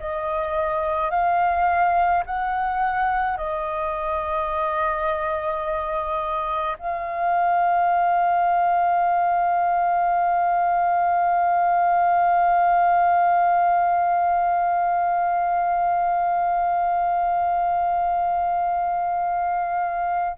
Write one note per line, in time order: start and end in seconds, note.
0.00 1.11 D#5
1.11 2.24 F5
2.26 3.38 F#5
3.38 6.78 D#5
6.79 20.38 F5